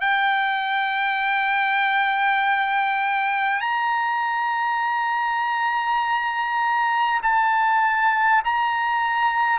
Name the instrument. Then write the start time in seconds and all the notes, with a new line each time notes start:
trumpet
0.00 G5
3.60 A#5
7.22 A5
8.44 A#5